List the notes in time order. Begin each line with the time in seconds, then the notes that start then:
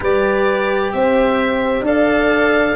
0.00 G3 G4 B4 D5
0.92 C4 C5 E5
1.80 D4 A4 D5 F5